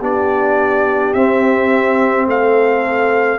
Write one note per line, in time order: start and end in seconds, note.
0.00 1.14 B3
0.00 1.15 D4
0.00 2.26 G4
0.00 1.14 D5
1.14 2.26 C4
1.14 3.39 C4
1.14 2.27 E5
2.26 3.39 A3
2.26 3.39 A4
2.26 3.39 F5